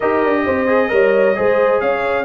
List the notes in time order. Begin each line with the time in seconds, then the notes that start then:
0.00 D#4 G4 A#4 D#5
0.24 D4
0.45 C4 C5
0.67 G#4
0.89 G3 A#4 C#5
1.35 G#3 G#4 C5
1.80 C#4 C#5 F5